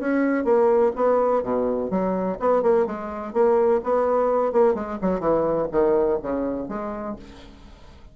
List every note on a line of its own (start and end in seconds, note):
0.00 0.45 C#4
0.45 0.92 A#3
0.96 1.43 B3
1.43 1.91 B2
1.91 2.38 F#3
2.40 2.63 B3
2.63 2.87 A#3
2.87 3.34 G#3
3.34 3.81 A#3
3.84 4.53 B3
4.53 4.75 A#3
4.75 4.99 G#3
5.02 5.21 F#3
5.21 5.68 E3
5.72 6.19 D#3
6.23 6.69 C#3
6.69 7.17 G#3